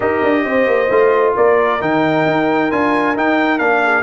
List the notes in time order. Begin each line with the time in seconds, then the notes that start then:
0.00 D#4 G4 A#4 D#5
0.23 D4
0.44 C4 C5
0.66 A#3
0.90 A3 F4
1.35 A#3 A#4 D5
1.80 D#3 D#4 G5
2.25 D#4
2.70 D4 F4 G#5
3.16 D#4 G5
3.58 A#3 D4 F5
3.84 G#4